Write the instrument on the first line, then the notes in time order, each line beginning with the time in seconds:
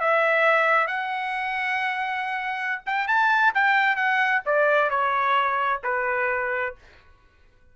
trumpet
0.00 E5
0.87 F#5
2.86 G5
3.07 A5
3.54 G5
3.96 F#5
4.45 D5
4.90 C#5
5.84 B4